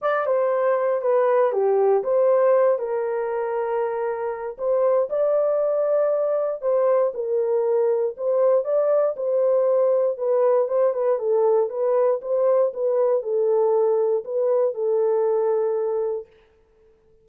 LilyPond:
\new Staff \with { instrumentName = "horn" } { \time 4/4 \tempo 4 = 118 d''8 c''4. b'4 g'4 | c''4. ais'2~ ais'8~ | ais'4 c''4 d''2~ | d''4 c''4 ais'2 |
c''4 d''4 c''2 | b'4 c''8 b'8 a'4 b'4 | c''4 b'4 a'2 | b'4 a'2. | }